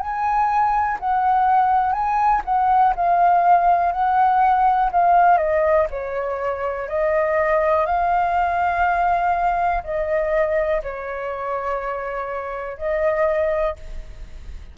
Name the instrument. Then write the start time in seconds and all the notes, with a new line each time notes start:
flute
0.00 G#5
1.00 F#5
1.93 G#5
2.45 F#5
2.96 F5
3.93 F#5
4.92 F5
5.38 D#5
5.91 C#5
6.89 D#5
7.86 F5
9.84 D#5
10.83 C#5
12.78 D#5